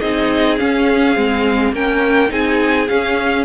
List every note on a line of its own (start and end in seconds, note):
0.00 0.60 C4
0.00 0.59 D#4
0.00 1.73 G#4
0.00 0.58 D#5
0.59 1.16 C#4
0.59 1.74 F5
1.16 1.72 G#3
1.16 1.74 C4
1.72 2.30 A#3
1.72 2.29 C#4
1.72 2.32 A#4
1.72 2.32 G5
2.29 2.89 C4
2.29 2.86 D#4
2.29 3.45 G#4
2.29 2.88 G#5
2.88 3.45 C#4
2.88 3.45 F5